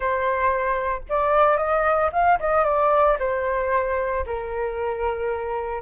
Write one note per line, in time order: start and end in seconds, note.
0.00 1.01 C5
1.09 1.57 D5
1.57 2.10 D#5
2.12 2.38 F5
2.39 2.64 D#5
2.64 3.17 D5
3.19 4.25 C5
4.26 5.81 A#4